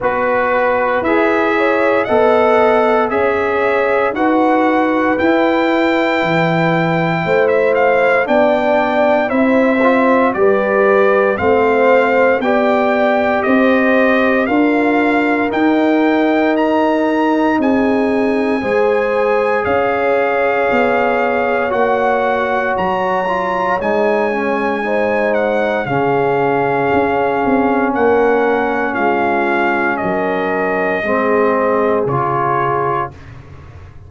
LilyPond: <<
  \new Staff \with { instrumentName = "trumpet" } { \time 4/4 \tempo 4 = 58 b'4 e''4 fis''4 e''4 | fis''4 g''2~ g''16 e''16 f''8 | g''4 e''4 d''4 f''4 | g''4 dis''4 f''4 g''4 |
ais''4 gis''2 f''4~ | f''4 fis''4 ais''4 gis''4~ | gis''8 fis''8 f''2 fis''4 | f''4 dis''2 cis''4 | }
  \new Staff \with { instrumentName = "horn" } { \time 4/4 b'4. cis''8 dis''4 cis''4 | b'2. c''4 | d''4 c''4 b'4 c''4 | d''4 c''4 ais'2~ |
ais'4 gis'4 c''4 cis''4~ | cis''1 | c''4 gis'2 ais'4 | f'4 ais'4 gis'2 | }
  \new Staff \with { instrumentName = "trombone" } { \time 4/4 fis'4 gis'4 a'4 gis'4 | fis'4 e'2. | d'4 e'8 f'8 g'4 c'4 | g'2 f'4 dis'4~ |
dis'2 gis'2~ | gis'4 fis'4. f'8 dis'8 cis'8 | dis'4 cis'2.~ | cis'2 c'4 f'4 | }
  \new Staff \with { instrumentName = "tuba" } { \time 4/4 b4 e'4 b4 cis'4 | dis'4 e'4 e4 a4 | b4 c'4 g4 a4 | b4 c'4 d'4 dis'4~ |
dis'4 c'4 gis4 cis'4 | b4 ais4 fis4 gis4~ | gis4 cis4 cis'8 c'8 ais4 | gis4 fis4 gis4 cis4 | }
>>